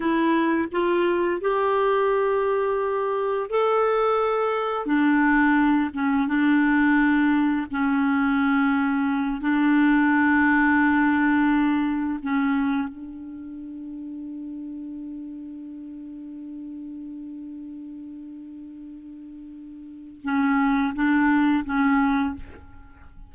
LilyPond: \new Staff \with { instrumentName = "clarinet" } { \time 4/4 \tempo 4 = 86 e'4 f'4 g'2~ | g'4 a'2 d'4~ | d'8 cis'8 d'2 cis'4~ | cis'4. d'2~ d'8~ |
d'4. cis'4 d'4.~ | d'1~ | d'1~ | d'4 cis'4 d'4 cis'4 | }